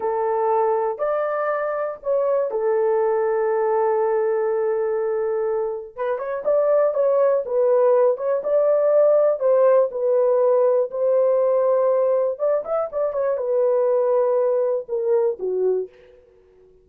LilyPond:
\new Staff \with { instrumentName = "horn" } { \time 4/4 \tempo 4 = 121 a'2 d''2 | cis''4 a'2.~ | a'1 | b'8 cis''8 d''4 cis''4 b'4~ |
b'8 cis''8 d''2 c''4 | b'2 c''2~ | c''4 d''8 e''8 d''8 cis''8 b'4~ | b'2 ais'4 fis'4 | }